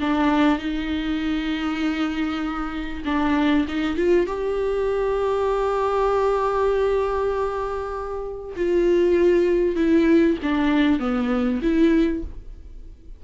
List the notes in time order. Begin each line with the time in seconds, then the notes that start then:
0.00 D4
0.59 D#4
3.05 D4
3.68 D#4
3.96 F4
4.27 G4
8.56 F4
9.76 E4
10.42 D4
10.99 B3
11.62 E4